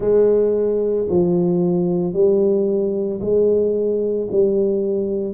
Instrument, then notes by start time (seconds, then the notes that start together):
tuba
0.00 G#3
1.09 F3
2.13 G3
3.20 G#3
4.31 G3